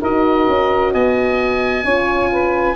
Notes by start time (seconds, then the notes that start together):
0.00 D#4 F#4 A#4 D#5
0.48 C#4
0.92 B3 D#5 G#5
1.84 C#4 F4 C#5
2.31 B4